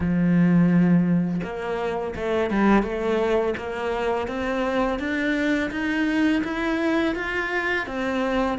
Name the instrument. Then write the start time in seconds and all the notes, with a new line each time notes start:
cello
0.00 F3
1.43 A#3
2.15 A3
2.50 G3
2.82 A3
3.57 A#3
4.27 C4
4.99 D4
5.70 D#4
6.44 E4
7.15 F4
7.86 C4